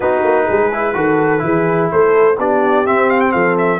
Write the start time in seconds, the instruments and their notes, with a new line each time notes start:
0.00 tuba B3, trombone D#4, horn F#4, trumpet B4
0.23 tuba A#3
0.45 tuba G#3, horn G#4
0.72 trombone E4
0.94 tuba D#3, trombone F#4, horn A4
1.38 tuba E3, trombone E4, horn G#4
1.91 tuba A3, horn A4, trumpet C5
2.37 tuba B3, trombone D4, horn G4, trumpet D5
2.85 trombone C4, tuba C4, trumpet E5
3.09 trumpet F5
3.20 trumpet G5
3.32 tuba F3, horn A4, trumpet F5
3.58 trumpet E5